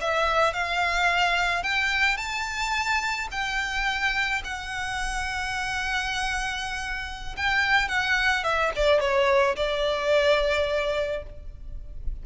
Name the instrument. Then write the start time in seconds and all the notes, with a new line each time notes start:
violin
0.00 E5
0.53 F5
1.63 G5
2.16 A5
3.31 G5
4.44 F#5
7.36 G5
7.88 F#5
8.43 E5
8.76 D5
9.00 C#5
9.56 D5